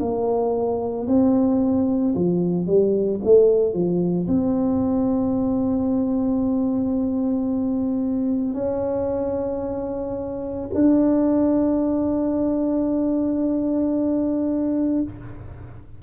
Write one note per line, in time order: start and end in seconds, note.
0.00 1.07 A#3
1.07 2.14 C4
2.15 2.67 F3
2.67 3.20 G3
3.24 3.74 A3
3.74 4.27 F3
4.27 8.54 C4
8.54 10.68 C#4
10.74 15.03 D4